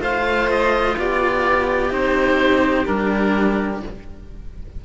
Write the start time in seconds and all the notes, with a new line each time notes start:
0.00 A3 F4 C5 F5
0.51 D#5
0.98 B3 G4 D5
1.90 C4 D#4 C5
2.86 G3 D4 A#4